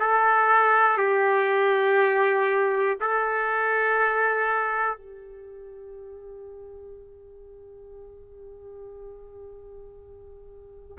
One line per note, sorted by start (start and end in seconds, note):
0.00 0.98 A4
0.98 2.98 G4
3.01 4.98 A4
4.98 10.98 G4